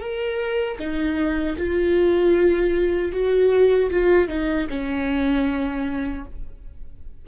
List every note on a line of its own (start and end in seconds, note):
0.00 0.78 A#4
0.79 1.57 D#4
1.58 3.12 F4
3.12 3.90 F#4
3.91 4.29 F4
4.29 4.68 D#4
4.70 6.26 C#4